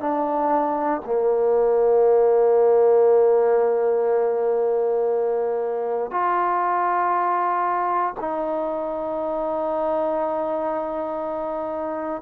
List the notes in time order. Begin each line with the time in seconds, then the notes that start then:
0.00 D4
1.06 A#3
6.11 F4
8.20 D#4